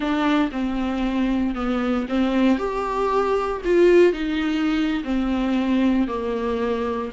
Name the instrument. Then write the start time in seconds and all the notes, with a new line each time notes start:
viola
0.00 D4
0.51 C4
1.54 B3
2.08 C4
2.58 G4
3.65 F4
4.12 D#4
5.04 C4
6.07 A#3